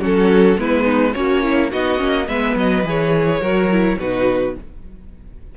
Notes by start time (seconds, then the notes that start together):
0.00 F#3 C#4 F#4 A4
0.58 G#3 B3 E4 B4
0.84 D#4
1.14 A#3 C#4 F#4 C#5
1.43 E4
1.71 B3 D#4 F#4 D#5
1.98 A#3 C#4
2.28 G#3 B3 B4 E5
2.56 F#3 D#5
2.84 E3 G#4 C#5
3.41 F#3 F#4 A#4
3.71 E4
3.98 B2 D#4 F#4 B4